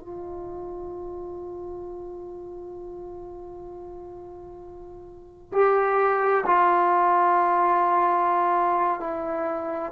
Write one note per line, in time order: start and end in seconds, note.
0.00 5.53 F4
5.53 6.45 G4
6.47 9.00 F4
9.00 9.92 E4